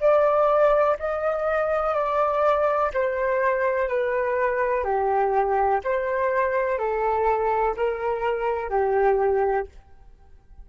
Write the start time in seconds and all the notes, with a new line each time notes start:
0.00 D5
0.99 D#5
1.94 D5
2.93 C5
3.88 B4
4.84 G4
5.84 C5
6.78 A4
7.76 A#4
8.70 G4